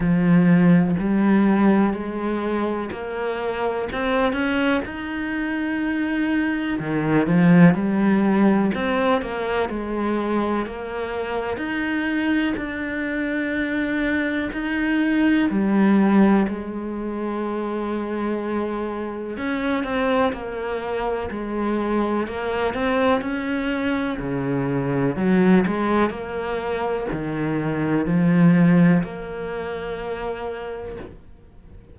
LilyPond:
\new Staff \with { instrumentName = "cello" } { \time 4/4 \tempo 4 = 62 f4 g4 gis4 ais4 | c'8 cis'8 dis'2 dis8 f8 | g4 c'8 ais8 gis4 ais4 | dis'4 d'2 dis'4 |
g4 gis2. | cis'8 c'8 ais4 gis4 ais8 c'8 | cis'4 cis4 fis8 gis8 ais4 | dis4 f4 ais2 | }